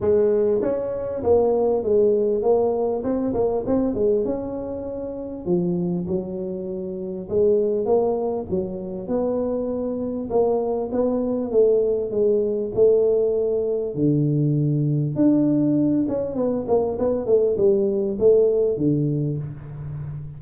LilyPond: \new Staff \with { instrumentName = "tuba" } { \time 4/4 \tempo 4 = 99 gis4 cis'4 ais4 gis4 | ais4 c'8 ais8 c'8 gis8 cis'4~ | cis'4 f4 fis2 | gis4 ais4 fis4 b4~ |
b4 ais4 b4 a4 | gis4 a2 d4~ | d4 d'4. cis'8 b8 ais8 | b8 a8 g4 a4 d4 | }